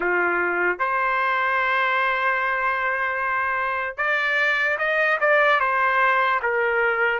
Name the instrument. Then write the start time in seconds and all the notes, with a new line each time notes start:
trumpet
0.00 F4
0.78 C5
3.97 D5
4.78 D#5
5.20 D5
5.60 C5
6.42 A#4